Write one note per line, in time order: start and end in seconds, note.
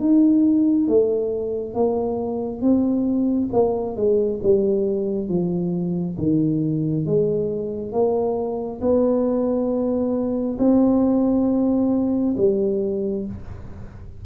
0.00 0.88 D#4
0.88 1.74 A3
1.74 2.61 A#3
2.61 3.50 C4
3.53 3.96 A#3
3.96 4.40 G#3
4.43 5.29 G3
5.29 6.17 F3
6.18 7.06 D#3
7.06 7.92 G#3
7.92 8.80 A#3
8.81 10.58 B3
10.59 12.35 C4
12.37 13.26 G3